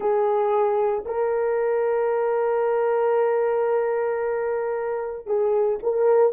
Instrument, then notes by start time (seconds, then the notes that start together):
horn
0.00 G#4
1.05 A#4
5.26 G#4
5.82 A#4